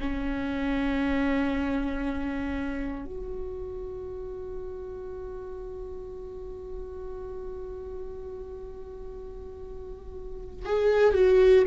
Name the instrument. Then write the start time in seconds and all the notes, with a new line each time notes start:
viola
0.00 C#4
3.05 F#4
10.65 G#4
11.14 F#4